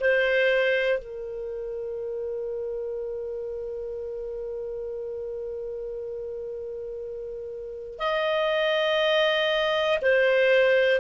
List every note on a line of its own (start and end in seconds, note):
0.00 0.99 C5
0.99 7.99 A#4
7.99 9.99 D#5
10.02 11.00 C5